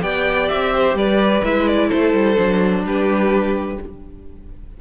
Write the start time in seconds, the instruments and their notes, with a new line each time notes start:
0.00 cello B3, viola G4, violin D5 G5
0.48 cello C4, violin E5
0.75 violin C5
0.94 cello G3, violin B4 D5
1.43 cello G#3, viola E4, violin E5
1.67 violin D5
1.88 cello A3, violin A4 C5
2.13 cello G3
2.35 cello F#3, viola D4
2.83 cello G3, violin G4 B4